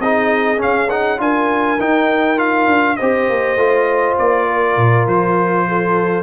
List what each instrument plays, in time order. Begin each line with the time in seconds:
0.00 tuba C4, trombone D#4, horn G#4, trumpet D#5
0.58 trombone C#4, trumpet F5
0.64 tuba C#4
0.90 trombone D#4, trumpet F#5
1.19 tuba D4, trombone F4, horn A#4, trumpet G#5
1.80 tuba D#4, trombone D#4, trumpet G5
2.37 trombone F4, trumpet F5
2.68 tuba D4
2.97 tuba C4, trombone G4, horn C5, trumpet D#5
3.30 tuba A#3
3.56 tuba A3, trombone F4
4.19 tuba A#3, trumpet D5
4.47 horn A#4
4.77 tuba A#2
5.07 tuba F3, trumpet C5
5.68 horn A4